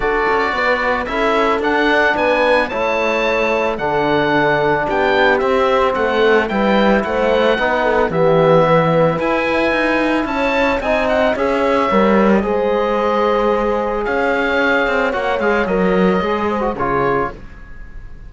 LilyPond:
<<
  \new Staff \with { instrumentName = "oboe" } { \time 4/4 \tempo 4 = 111 d''2 e''4 fis''4 | gis''4 a''2 fis''4~ | fis''4 g''4 e''4 fis''4 | g''4 fis''2 e''4~ |
e''4 gis''2 a''4 | gis''8 fis''8 e''4.~ e''16 dis''4~ dis''16~ | dis''2 f''2 | fis''8 f''8 dis''2 cis''4 | }
  \new Staff \with { instrumentName = "horn" } { \time 4/4 a'4 b'4 a'2 | b'4 cis''2 a'4~ | a'4 g'2 a'4 | b'4 c''4 b'8 a'8 g'4 |
b'2. cis''4 | dis''4 cis''2 c''4~ | c''2 cis''2~ | cis''2~ cis''8 c''8 gis'4 | }
  \new Staff \with { instrumentName = "trombone" } { \time 4/4 fis'2 e'4 d'4~ | d'4 e'2 d'4~ | d'2 c'2 | e'2 dis'4 b4~ |
b4 e'2. | dis'4 gis'4 ais'4 gis'4~ | gis'1 | fis'8 gis'8 ais'4 gis'8. fis'16 f'4 | }
  \new Staff \with { instrumentName = "cello" } { \time 4/4 d'8 cis'8 b4 cis'4 d'4 | b4 a2 d4~ | d4 b4 c'4 a4 | g4 a4 b4 e4~ |
e4 e'4 dis'4 cis'4 | c'4 cis'4 g4 gis4~ | gis2 cis'4. c'8 | ais8 gis8 fis4 gis4 cis4 | }
>>